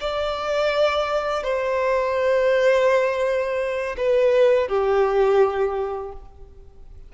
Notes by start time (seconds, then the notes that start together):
0.00 D5
1.43 C5
3.97 B4
4.68 G4